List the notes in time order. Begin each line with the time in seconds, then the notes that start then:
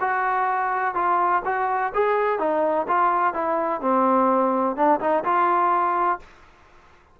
0.00 F#4
0.94 F4
1.45 F#4
1.94 G#4
2.39 D#4
2.88 F4
3.34 E4
3.81 C4
4.76 D4
5.00 D#4
5.24 F4